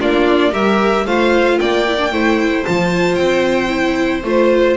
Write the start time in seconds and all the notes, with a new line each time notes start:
0.00 A#3 D4 F4 D5
0.52 G3 G4 A#4 E5
1.06 A3 F4 C5 F5
1.59 A#3 D5 G5
1.87 E4
1.98 D4
2.12 A3 E4 C5
2.65 F3 F4 A5
3.15 C4 G5
3.68 E4
4.24 A3 F4 C5